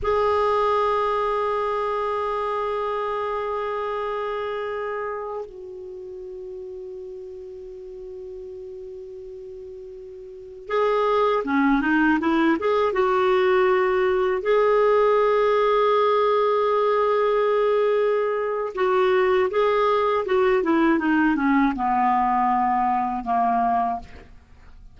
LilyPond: \new Staff \with { instrumentName = "clarinet" } { \time 4/4 \tempo 4 = 80 gis'1~ | gis'2.~ gis'16 fis'8.~ | fis'1~ | fis'2~ fis'16 gis'4 cis'8 dis'16~ |
dis'16 e'8 gis'8 fis'2 gis'8.~ | gis'1~ | gis'4 fis'4 gis'4 fis'8 e'8 | dis'8 cis'8 b2 ais4 | }